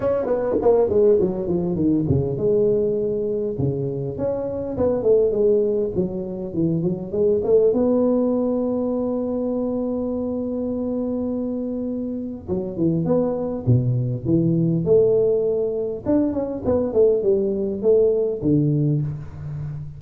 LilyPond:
\new Staff \with { instrumentName = "tuba" } { \time 4/4 \tempo 4 = 101 cis'8 b8 ais8 gis8 fis8 f8 dis8 cis8 | gis2 cis4 cis'4 | b8 a8 gis4 fis4 e8 fis8 | gis8 a8 b2.~ |
b1~ | b4 fis8 e8 b4 b,4 | e4 a2 d'8 cis'8 | b8 a8 g4 a4 d4 | }